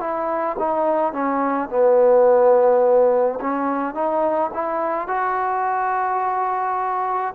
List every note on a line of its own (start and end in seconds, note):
0.00 0.57 E4
0.59 1.13 D#4
1.13 1.69 C#4
1.69 3.39 B3
3.40 3.94 C#4
3.94 4.51 D#4
4.54 5.07 E4
5.07 7.34 F#4